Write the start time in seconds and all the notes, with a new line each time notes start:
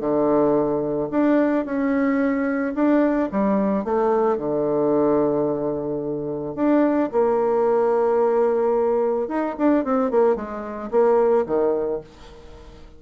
0.00 D3
1.11 D4
1.65 C#4
2.75 D4
3.31 G3
3.84 A3
4.38 D3
6.55 D4
7.12 A#3
9.28 D#4
9.58 D4
9.84 C4
10.11 A#3
10.35 G#3
10.91 A#3
11.46 D#3